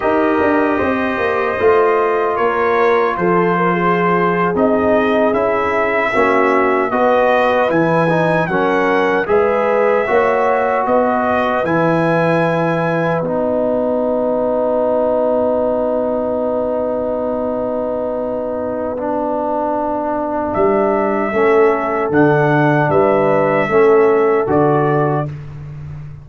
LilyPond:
<<
  \new Staff \with { instrumentName = "trumpet" } { \time 4/4 \tempo 4 = 76 dis''2. cis''4 | c''4.~ c''16 dis''4 e''4~ e''16~ | e''8. dis''4 gis''4 fis''4 e''16~ | e''4.~ e''16 dis''4 gis''4~ gis''16~ |
gis''8. fis''2.~ fis''16~ | fis''1~ | fis''2 e''2 | fis''4 e''2 d''4 | }
  \new Staff \with { instrumentName = "horn" } { \time 4/4 ais'4 c''2 ais'4 | a'8 ais'16 gis'2. fis'16~ | fis'8. b'2 ais'4 b'16~ | b'8. cis''4 b'2~ b'16~ |
b'1~ | b'1~ | b'2. a'4~ | a'4 b'4 a'2 | }
  \new Staff \with { instrumentName = "trombone" } { \time 4/4 g'2 f'2~ | f'4.~ f'16 dis'4 e'4 cis'16~ | cis'8. fis'4 e'8 dis'8 cis'4 gis'16~ | gis'8. fis'2 e'4~ e'16~ |
e'8. dis'2.~ dis'16~ | dis'1 | d'2. cis'4 | d'2 cis'4 fis'4 | }
  \new Staff \with { instrumentName = "tuba" } { \time 4/4 dis'8 d'8 c'8 ais8 a4 ais4 | f4.~ f16 c'4 cis'4 ais16~ | ais8. b4 e4 fis4 gis16~ | gis8. ais4 b4 e4~ e16~ |
e8. b2.~ b16~ | b1~ | b2 g4 a4 | d4 g4 a4 d4 | }
>>